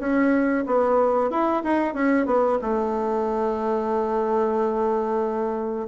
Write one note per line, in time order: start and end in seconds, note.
0.00 0.65 C#4
0.67 1.31 B3
1.31 1.63 E4
1.64 1.94 D#4
1.94 2.26 C#4
2.26 2.59 B3
2.62 5.88 A3